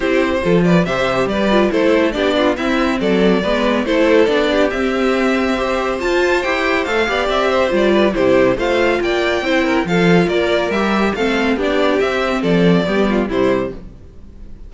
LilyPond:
<<
  \new Staff \with { instrumentName = "violin" } { \time 4/4 \tempo 4 = 140 c''4. d''8 e''4 d''4 | c''4 d''4 e''4 d''4~ | d''4 c''4 d''4 e''4~ | e''2 a''4 g''4 |
f''4 e''4 d''4 c''4 | f''4 g''2 f''4 | d''4 e''4 f''4 d''4 | e''4 d''2 c''4 | }
  \new Staff \with { instrumentName = "violin" } { \time 4/4 g'4 a'8 b'8 c''4 b'4 | a'4 g'8 f'8 e'4 a'4 | b'4 a'4. g'4.~ | g'4 c''2.~ |
c''8 d''4 c''4 b'8 g'4 | c''4 d''4 c''8 ais'8 a'4 | ais'2 a'4 g'4~ | g'4 a'4 g'8 f'8 e'4 | }
  \new Staff \with { instrumentName = "viola" } { \time 4/4 e'4 f'4 g'4. f'8 | e'4 d'4 c'2 | b4 e'4 d'4 c'4~ | c'4 g'4 f'4 g'4 |
a'8 g'4. f'4 e'4 | f'2 e'4 f'4~ | f'4 g'4 c'4 d'4 | c'2 b4 g4 | }
  \new Staff \with { instrumentName = "cello" } { \time 4/4 c'4 f4 c4 g4 | a4 b4 c'4 fis4 | gis4 a4 b4 c'4~ | c'2 f'4 e'4 |
a8 b8 c'4 g4 c4 | a4 ais4 c'4 f4 | ais4 g4 a4 b4 | c'4 f4 g4 c4 | }
>>